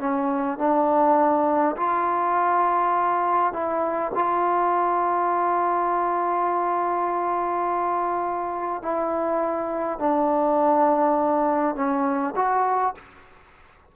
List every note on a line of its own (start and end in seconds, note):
0.00 0.59 C#4
0.59 1.76 D4
1.77 3.53 F4
3.53 4.12 E4
4.15 8.83 F4
8.83 10.00 E4
10.00 11.76 D4
11.76 12.35 C#4
12.36 12.95 F#4